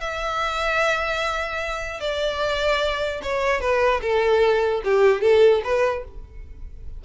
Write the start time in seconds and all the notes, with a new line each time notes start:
0.00 E5
2.00 D5
3.22 C#5
3.60 B4
4.01 A4
4.84 G4
5.21 A4
5.64 B4